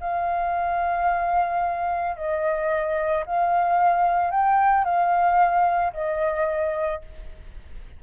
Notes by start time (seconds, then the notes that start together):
0.00 F5
2.16 D#5
3.26 F5
4.30 G5
4.84 F5
5.93 D#5